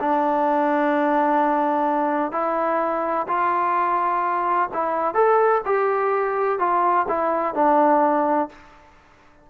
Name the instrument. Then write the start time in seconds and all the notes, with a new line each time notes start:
trombone
0.00 D4
2.32 E4
3.27 F4
4.73 E4
5.14 A4
5.65 G4
6.59 F4
7.08 E4
7.54 D4